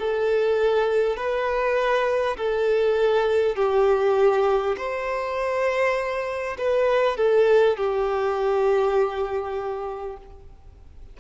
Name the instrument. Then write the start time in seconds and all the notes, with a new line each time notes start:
violin
0.00 A4
1.17 B4
2.38 A4
3.56 G4
4.77 C5
6.58 B4
7.17 A4
7.77 G4